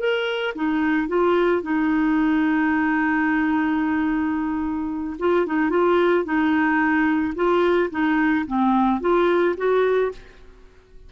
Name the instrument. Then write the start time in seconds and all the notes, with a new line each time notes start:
clarinet
0.00 A#4
0.55 D#4
1.08 F4
1.63 D#4
5.20 F4
5.47 D#4
5.70 F4
6.25 D#4
7.36 F4
7.91 D#4
8.47 C4
9.01 F4
9.58 F#4